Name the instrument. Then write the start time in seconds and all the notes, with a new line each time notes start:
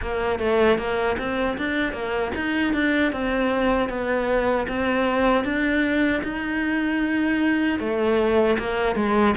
cello
0.01 A#3
0.39 A3
0.78 A#3
1.18 C4
1.57 D4
1.92 A#3
2.35 D#4
2.73 D4
3.12 C4
3.89 B3
4.68 C4
5.44 D4
6.23 D#4
7.79 A3
8.58 A#3
8.95 G#3